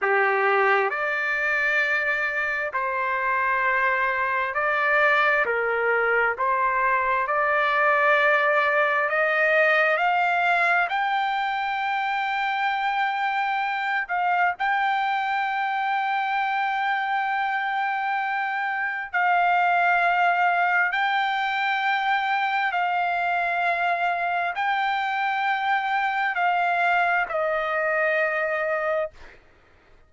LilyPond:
\new Staff \with { instrumentName = "trumpet" } { \time 4/4 \tempo 4 = 66 g'4 d''2 c''4~ | c''4 d''4 ais'4 c''4 | d''2 dis''4 f''4 | g''2.~ g''8 f''8 |
g''1~ | g''4 f''2 g''4~ | g''4 f''2 g''4~ | g''4 f''4 dis''2 | }